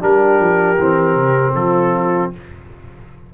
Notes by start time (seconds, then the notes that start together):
0.00 G3 D4 G4 A#4
0.40 F3
0.79 E3 C4
1.16 C3
1.54 F3 F4 A4